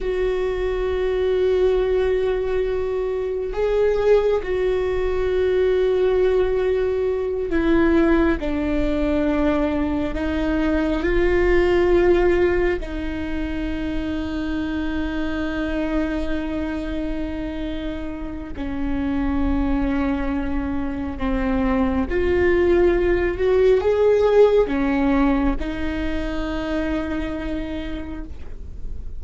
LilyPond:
\new Staff \with { instrumentName = "viola" } { \time 4/4 \tempo 4 = 68 fis'1 | gis'4 fis'2.~ | fis'8 e'4 d'2 dis'8~ | dis'8 f'2 dis'4.~ |
dis'1~ | dis'4 cis'2. | c'4 f'4. fis'8 gis'4 | cis'4 dis'2. | }